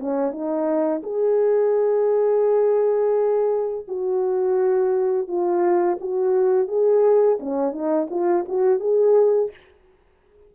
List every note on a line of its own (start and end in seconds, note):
0.00 0.32 C#4
0.32 1.02 D#4
1.04 3.86 G#4
3.88 5.28 F#4
5.28 5.99 F4
6.01 6.68 F#4
6.68 7.39 G#4
7.40 7.73 C#4
7.73 8.08 D#4
8.10 8.46 F4
8.49 8.80 F#4
8.80 9.51 G#4